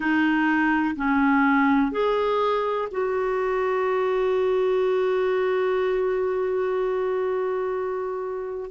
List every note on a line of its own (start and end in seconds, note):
0.00 0.95 D#4
0.96 1.91 C#4
1.91 2.88 G#4
2.91 8.70 F#4